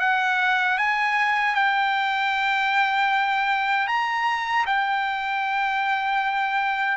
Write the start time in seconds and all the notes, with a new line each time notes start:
0.00 F#5
0.78 G#5
1.55 G5
3.87 A#5
4.66 G5